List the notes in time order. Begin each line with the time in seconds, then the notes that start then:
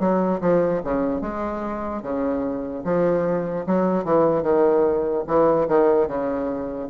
0.00 F#3
0.41 F3
0.84 C#3
1.22 G#3
2.03 C#3
2.85 F3
3.67 F#3
4.05 E3
4.43 D#3
5.27 E3
5.68 D#3
6.08 C#3